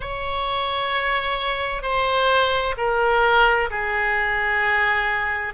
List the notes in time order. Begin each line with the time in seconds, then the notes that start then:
0.00 C#5
1.82 C5
2.77 A#4
3.70 G#4